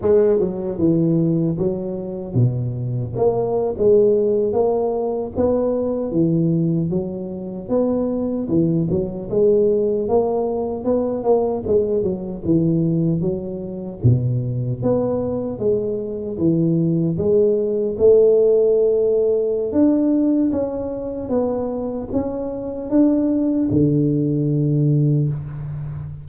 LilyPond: \new Staff \with { instrumentName = "tuba" } { \time 4/4 \tempo 4 = 76 gis8 fis8 e4 fis4 b,4 | ais8. gis4 ais4 b4 e16~ | e8. fis4 b4 e8 fis8 gis16~ | gis8. ais4 b8 ais8 gis8 fis8 e16~ |
e8. fis4 b,4 b4 gis16~ | gis8. e4 gis4 a4~ a16~ | a4 d'4 cis'4 b4 | cis'4 d'4 d2 | }